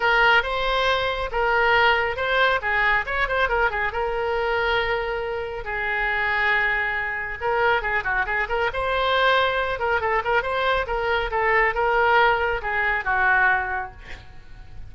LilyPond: \new Staff \with { instrumentName = "oboe" } { \time 4/4 \tempo 4 = 138 ais'4 c''2 ais'4~ | ais'4 c''4 gis'4 cis''8 c''8 | ais'8 gis'8 ais'2.~ | ais'4 gis'2.~ |
gis'4 ais'4 gis'8 fis'8 gis'8 ais'8 | c''2~ c''8 ais'8 a'8 ais'8 | c''4 ais'4 a'4 ais'4~ | ais'4 gis'4 fis'2 | }